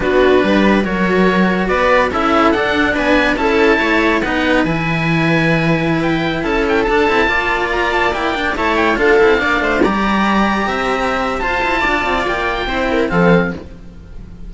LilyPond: <<
  \new Staff \with { instrumentName = "oboe" } { \time 4/4 \tempo 4 = 142 b'2 cis''2 | d''4 e''4 fis''4 gis''4 | a''2 fis''4 gis''4~ | gis''2~ gis''16 g''4 a''8 g''16~ |
g''16 a''2 ais''8 a''8 g''8.~ | g''16 a''8 g''8 f''2 ais''8.~ | ais''2. a''4~ | a''4 g''2 f''4 | }
  \new Staff \with { instrumentName = "viola" } { \time 4/4 fis'4 b'4 ais'2 | b'4 a'2 b'4 | a'4 cis''4 b'2~ | b'2.~ b'16 a'8.~ |
a'4~ a'16 d''2~ d''8.~ | d''16 cis''4 a'4 d''8 c''8 d''8.~ | d''4~ d''16 e''4.~ e''16 c''4 | d''2 c''8 ais'8 a'4 | }
  \new Staff \with { instrumentName = "cello" } { \time 4/4 d'2 fis'2~ | fis'4 e'4 d'2 | e'2 dis'4 e'4~ | e'1~ |
e'16 d'8 e'8 f'2 e'8 d'16~ | d'16 e'4 f'8 e'8 d'4 g'8.~ | g'2. f'4~ | f'2 e'4 c'4 | }
  \new Staff \with { instrumentName = "cello" } { \time 4/4 b4 g4 fis2 | b4 cis'4 d'4 b4 | cis'4 a4 b4 e4~ | e2.~ e16 cis'8.~ |
cis'16 d'8 c'8 ais2~ ais8.~ | ais16 a4 d'8 c'8 ais8 a8 g8.~ | g4~ g16 c'4.~ c'16 f'8 e'8 | d'8 c'8 ais4 c'4 f4 | }
>>